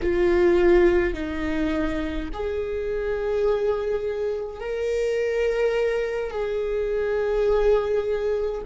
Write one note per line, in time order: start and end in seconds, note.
0.02 1.13 F4
1.13 2.29 D#4
2.33 4.59 G#4
4.59 6.30 A#4
6.30 8.61 G#4